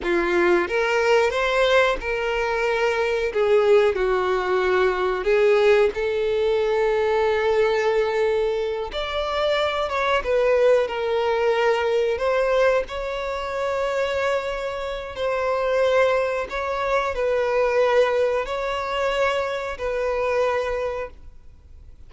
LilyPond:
\new Staff \with { instrumentName = "violin" } { \time 4/4 \tempo 4 = 91 f'4 ais'4 c''4 ais'4~ | ais'4 gis'4 fis'2 | gis'4 a'2.~ | a'4. d''4. cis''8 b'8~ |
b'8 ais'2 c''4 cis''8~ | cis''2. c''4~ | c''4 cis''4 b'2 | cis''2 b'2 | }